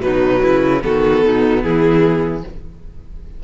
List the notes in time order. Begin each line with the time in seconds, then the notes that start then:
0.00 B2 F#3 D#4 B4
0.43 C#3 E4
0.82 D#3 B3 F#4 A4
1.26 B2 D#4
1.63 E3 E4 G#4